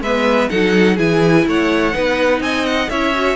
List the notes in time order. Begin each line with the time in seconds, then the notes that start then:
0.00 G#3 B3 B4 E5
0.49 F#3 D#4 A4 F#5
0.96 E3 E4 G#4 G#5
1.47 A3 C#5 F#5
1.93 B3 D#4 B4
2.40 C4 D#5 G#5
2.65 F#5
2.90 C#4 E4 C#5 E5
3.14 F#4